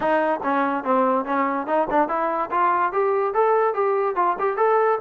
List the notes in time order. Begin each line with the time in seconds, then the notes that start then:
0.00 D#4
0.43 C#4
0.84 C4
1.25 C#4
1.66 D#4
1.90 D4
2.08 E4
2.50 F4
2.92 G4
3.34 A4
3.74 G4
4.15 F4
4.39 G4
4.57 A4